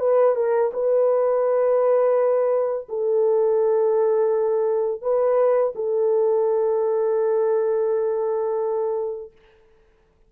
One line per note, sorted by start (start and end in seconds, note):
0.00 0.36 B4
0.36 0.71 A#4
0.74 2.88 B4
2.89 5.02 A4
5.02 5.73 B4
5.75 9.32 A4